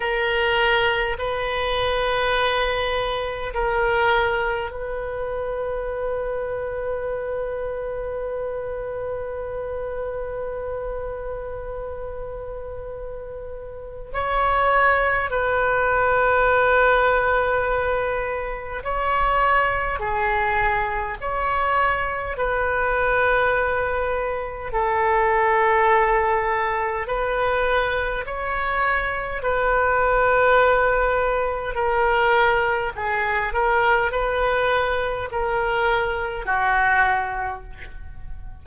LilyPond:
\new Staff \with { instrumentName = "oboe" } { \time 4/4 \tempo 4 = 51 ais'4 b'2 ais'4 | b'1~ | b'1 | cis''4 b'2. |
cis''4 gis'4 cis''4 b'4~ | b'4 a'2 b'4 | cis''4 b'2 ais'4 | gis'8 ais'8 b'4 ais'4 fis'4 | }